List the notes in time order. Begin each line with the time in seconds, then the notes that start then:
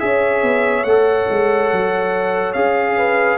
0.00 C#4 G#4 C#5 E5
0.42 B3
0.84 A3 A4 F#5
1.29 G#3
1.72 F#3
2.53 C#4 G#4 F5
2.97 B4